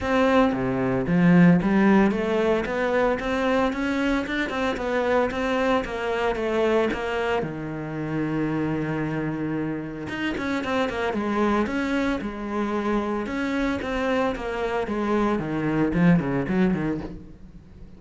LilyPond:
\new Staff \with { instrumentName = "cello" } { \time 4/4 \tempo 4 = 113 c'4 c4 f4 g4 | a4 b4 c'4 cis'4 | d'8 c'8 b4 c'4 ais4 | a4 ais4 dis2~ |
dis2. dis'8 cis'8 | c'8 ais8 gis4 cis'4 gis4~ | gis4 cis'4 c'4 ais4 | gis4 dis4 f8 cis8 fis8 dis8 | }